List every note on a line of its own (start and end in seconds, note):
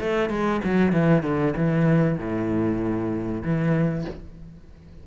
0.00 0.30 A3
0.30 0.61 G#3
0.64 0.93 F#3
0.93 1.23 E3
1.23 1.54 D3
1.57 2.18 E3
2.18 3.43 A2
3.43 4.05 E3